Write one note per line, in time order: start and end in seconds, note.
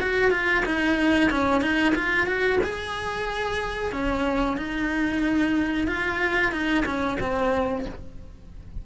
0.00 0.31 F#4
0.31 0.64 F4
0.66 1.31 D#4
1.31 1.62 C#4
1.62 1.94 D#4
1.95 2.27 F4
2.27 2.59 F#4
2.64 3.92 G#4
3.92 4.57 C#4
4.57 5.88 D#4
5.88 6.52 F4
6.52 6.84 D#4
6.86 7.18 C#4
7.20 7.86 C4